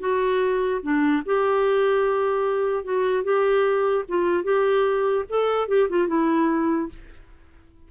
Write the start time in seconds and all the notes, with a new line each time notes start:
0.00 F#4
0.83 D4
1.26 G4
2.85 F#4
3.24 G4
4.09 F4
4.44 G4
5.29 A4
5.68 G4
5.90 F4
6.08 E4